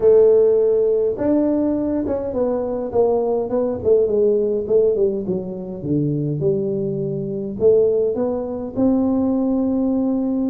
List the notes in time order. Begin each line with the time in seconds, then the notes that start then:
0.00 A3
1.17 D4
2.07 C#4
2.33 B3
2.92 A#3
3.50 B3
3.83 A3
4.06 G#3
4.67 A3
4.95 G3
5.26 F#3
5.82 D3
6.39 G3
7.59 A3
8.15 B3
8.76 C4